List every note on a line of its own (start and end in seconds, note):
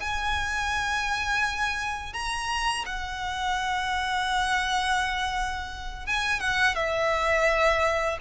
0.00 2.13 G#5
2.13 2.85 A#5
2.85 6.06 F#5
6.06 6.40 G#5
6.40 6.75 F#5
6.75 8.18 E5